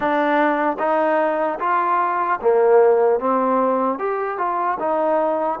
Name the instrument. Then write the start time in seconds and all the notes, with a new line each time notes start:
trombone
0.00 D4
0.79 D#4
1.59 F4
2.41 A#3
3.19 C4
3.98 G4
4.38 F4
4.79 D#4